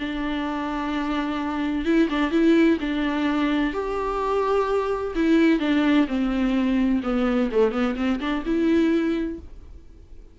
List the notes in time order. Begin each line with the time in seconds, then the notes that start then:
0.00 D4
1.85 E4
2.10 D4
2.31 E4
2.81 D4
3.74 G4
5.16 E4
5.60 D4
6.08 C4
7.04 B3
7.52 A3
7.72 B3
7.96 C4
8.20 D4
8.46 E4